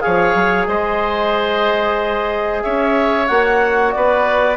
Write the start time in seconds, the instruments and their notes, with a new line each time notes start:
0.00 bassoon F3, trombone G#4, oboe C#5, clarinet F5
0.35 bassoon F#3
0.66 bassoon G#3, oboe C5, clarinet D#5
2.62 bassoon C#4, oboe C#5, clarinet E5
3.27 bassoon A#3, trombone F#4, clarinet F#5
3.91 bassoon B3, oboe B4, clarinet D5